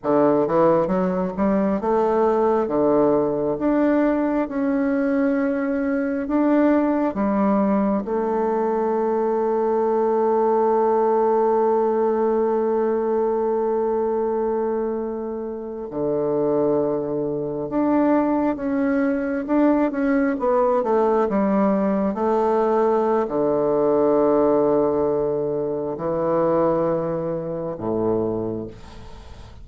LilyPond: \new Staff \with { instrumentName = "bassoon" } { \time 4/4 \tempo 4 = 67 d8 e8 fis8 g8 a4 d4 | d'4 cis'2 d'4 | g4 a2.~ | a1~ |
a4.~ a16 d2 d'16~ | d'8. cis'4 d'8 cis'8 b8 a8 g16~ | g8. a4~ a16 d2~ | d4 e2 a,4 | }